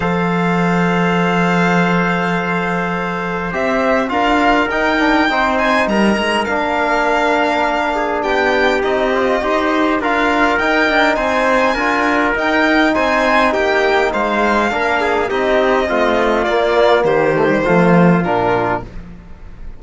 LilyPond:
<<
  \new Staff \with { instrumentName = "violin" } { \time 4/4 \tempo 4 = 102 f''1~ | f''2 e''4 f''4 | g''4. gis''8 ais''4 f''4~ | f''2 g''4 dis''4~ |
dis''4 f''4 g''4 gis''4~ | gis''4 g''4 gis''4 g''4 | f''2 dis''2 | d''4 c''2 ais'4 | }
  \new Staff \with { instrumentName = "trumpet" } { \time 4/4 c''1~ | c''2. ais'4~ | ais'4 c''4 ais'2~ | ais'4. gis'8 g'2 |
c''4 ais'2 c''4 | ais'2 c''4 g'4 | c''4 ais'8 gis'8 g'4 f'4~ | f'4 g'4 f'2 | }
  \new Staff \with { instrumentName = "trombone" } { \time 4/4 a'1~ | a'2 g'4 f'4 | dis'8 d'8 dis'2 d'4~ | d'2. dis'8 f'8 |
g'4 f'4 dis'2 | f'4 dis'2.~ | dis'4 d'4 dis'4 c'4 | ais4. a16 g16 a4 d'4 | }
  \new Staff \with { instrumentName = "cello" } { \time 4/4 f1~ | f2 c'4 d'4 | dis'4 c'4 g8 gis8 ais4~ | ais2 b4 c'4 |
dis'4 d'4 dis'8 d'8 c'4 | d'4 dis'4 c'4 ais4 | gis4 ais4 c'4 a4 | ais4 dis4 f4 ais,4 | }
>>